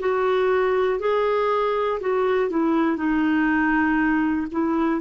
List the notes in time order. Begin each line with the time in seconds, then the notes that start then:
0.00 F#4
1.00 G#4
2.00 F#4
2.50 E4
2.97 D#4
4.51 E4